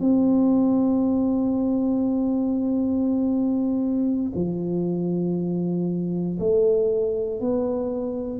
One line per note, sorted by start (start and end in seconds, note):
0.00 4.32 C4
4.35 6.38 F3
6.40 7.41 A3
7.41 8.40 B3